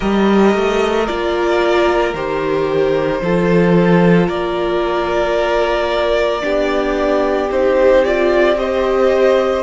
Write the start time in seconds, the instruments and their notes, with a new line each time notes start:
0.00 cello G3, viola G4, violin A#4 D#5
0.54 cello A3
1.06 cello A#3, viola F4, violin D5
2.13 cello D#3, viola G4, violin C5
3.21 cello F3, viola F4, violin A4
4.27 cello A#3, violin A#4 D5
6.41 cello B3, viola D4, violin G4
7.49 cello C4, viola D#4, violin C5
8.04 viola F4, violin D5
8.55 viola G4, violin C5 D#5